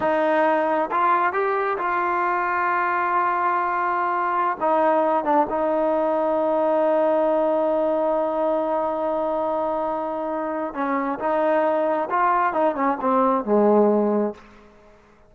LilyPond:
\new Staff \with { instrumentName = "trombone" } { \time 4/4 \tempo 4 = 134 dis'2 f'4 g'4 | f'1~ | f'2~ f'16 dis'4. d'16~ | d'16 dis'2.~ dis'8.~ |
dis'1~ | dis'1 | cis'4 dis'2 f'4 | dis'8 cis'8 c'4 gis2 | }